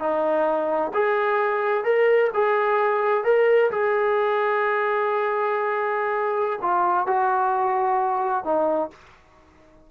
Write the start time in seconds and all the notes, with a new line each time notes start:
0.00 D#4
0.94 G#4
1.85 A#4
2.34 G#4
3.25 A#4
3.71 G#4
6.62 F4
7.07 F#4
8.45 D#4